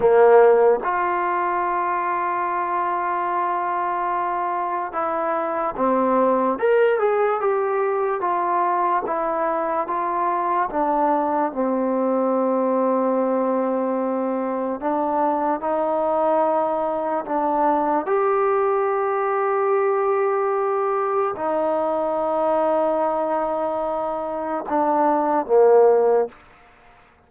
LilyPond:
\new Staff \with { instrumentName = "trombone" } { \time 4/4 \tempo 4 = 73 ais4 f'2.~ | f'2 e'4 c'4 | ais'8 gis'8 g'4 f'4 e'4 | f'4 d'4 c'2~ |
c'2 d'4 dis'4~ | dis'4 d'4 g'2~ | g'2 dis'2~ | dis'2 d'4 ais4 | }